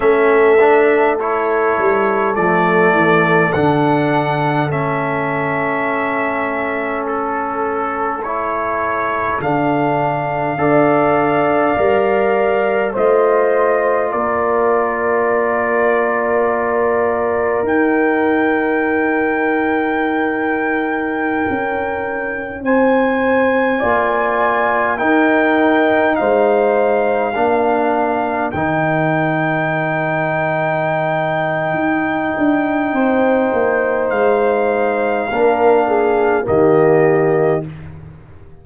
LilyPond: <<
  \new Staff \with { instrumentName = "trumpet" } { \time 4/4 \tempo 4 = 51 e''4 cis''4 d''4 fis''4 | e''2 a'4 cis''4 | f''2. dis''4 | d''2. g''4~ |
g''2.~ g''16 gis''8.~ | gis''4~ gis''16 g''4 f''4.~ f''16~ | f''16 g''2.~ g''8.~ | g''4 f''2 dis''4 | }
  \new Staff \with { instrumentName = "horn" } { \time 4/4 a'1~ | a'1~ | a'4 d''2 c''4 | ais'1~ |
ais'2.~ ais'16 c''8.~ | c''16 d''4 ais'4 c''4 ais'8.~ | ais'1 | c''2 ais'8 gis'8 g'4 | }
  \new Staff \with { instrumentName = "trombone" } { \time 4/4 cis'8 d'8 e'4 a4 d'4 | cis'2. e'4 | d'4 a'4 ais'4 f'4~ | f'2. dis'4~ |
dis'1~ | dis'16 f'4 dis'2 d'8.~ | d'16 dis'2.~ dis'8.~ | dis'2 d'4 ais4 | }
  \new Staff \with { instrumentName = "tuba" } { \time 4/4 a4. g8 f8 e8 d4 | a1 | d4 d'4 g4 a4 | ais2. dis'4~ |
dis'2~ dis'16 cis'4 c'8.~ | c'16 ais4 dis'4 gis4 ais8.~ | ais16 dis2~ dis8. dis'8 d'8 | c'8 ais8 gis4 ais4 dis4 | }
>>